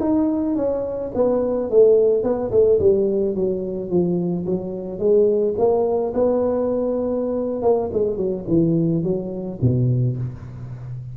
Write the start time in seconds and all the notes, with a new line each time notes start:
0.00 D#4
0.56 C#4
1.14 B3
1.70 A3
2.23 B3
2.51 A3
2.79 G3
3.35 F#3
3.89 F3
4.46 F#3
4.99 G#3
5.58 A#3
6.14 B3
7.62 A#3
7.93 G#3
8.17 F#3
8.48 E3
9.03 F#3
9.61 B2